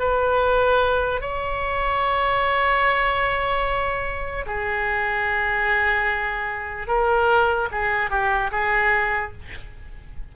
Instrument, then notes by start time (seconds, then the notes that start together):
oboe
0.00 B4
1.22 C#5
4.47 G#4
6.88 A#4
7.72 G#4
8.10 G4
8.52 G#4